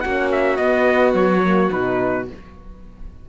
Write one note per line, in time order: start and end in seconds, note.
0.00 0.58 A#3
0.00 0.58 C#4
0.00 2.29 F#4
0.00 0.28 F#5
0.31 0.57 E5
0.57 1.14 B3
0.57 1.42 B3
0.57 1.13 D#5
1.14 1.70 F#3
1.14 1.71 C#5
1.43 1.71 A#3
1.71 2.28 B2
1.71 2.27 D#4
1.71 2.27 B4